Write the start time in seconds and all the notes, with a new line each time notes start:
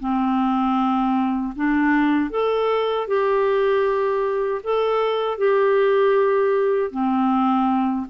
0.00 C4
1.56 D4
2.31 A4
3.08 G4
4.64 A4
5.38 G4
6.92 C4